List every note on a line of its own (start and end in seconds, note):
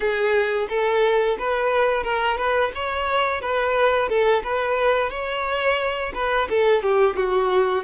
0.00 0.67 G#4
0.68 1.37 A4
1.38 2.03 B4
2.03 2.37 A#4
2.37 2.71 B4
2.74 3.41 C#5
3.41 4.08 B4
4.08 4.43 A4
4.43 5.10 B4
5.10 6.12 C#5
6.14 6.48 B4
6.49 6.82 A4
6.82 7.16 G4
7.16 7.83 F#4